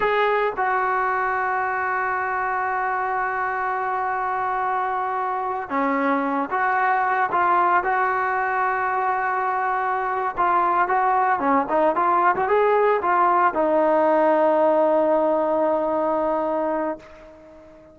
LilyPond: \new Staff \with { instrumentName = "trombone" } { \time 4/4 \tempo 4 = 113 gis'4 fis'2.~ | fis'1~ | fis'2~ fis'8. cis'4~ cis'16~ | cis'16 fis'4. f'4 fis'4~ fis'16~ |
fis'2.~ fis'8 f'8~ | f'8 fis'4 cis'8 dis'8 f'8. fis'16 gis'8~ | gis'8 f'4 dis'2~ dis'8~ | dis'1 | }